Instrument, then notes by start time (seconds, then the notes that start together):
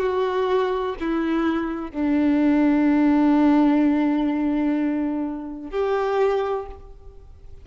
violin
0.00 F#4
1.00 E4
1.92 D4
5.71 G4